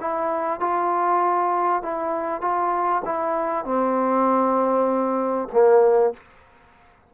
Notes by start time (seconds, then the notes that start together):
0.00 E4
0.60 F4
1.82 E4
2.41 F4
3.04 E4
3.65 C4
5.52 A#3